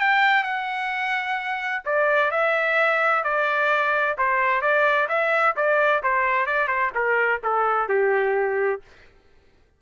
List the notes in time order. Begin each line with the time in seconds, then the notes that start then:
0.00 G5
0.44 F#5
1.85 D5
2.31 E5
3.24 D5
4.18 C5
4.62 D5
5.09 E5
5.56 D5
6.03 C5
6.47 D5
6.68 C5
6.95 A#4
7.44 A4
7.89 G4